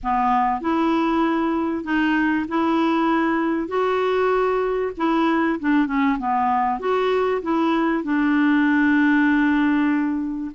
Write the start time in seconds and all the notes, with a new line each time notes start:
0.03 B3
0.60 E4
1.84 D#4
2.48 E4
3.68 F#4
4.97 E4
5.59 D4
5.86 C#4
6.19 B3
6.79 F#4
7.41 E4
8.03 D4